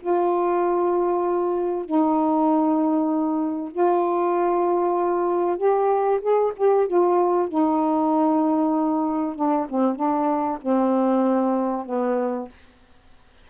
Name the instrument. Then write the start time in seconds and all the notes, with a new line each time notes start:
saxophone
0.00 F4
1.85 D#4
3.72 F4
5.58 G4
6.21 G#4
6.57 G4
6.88 F4
7.49 D#4
9.36 D4
9.70 C4
9.96 D4
10.62 C4
11.86 B3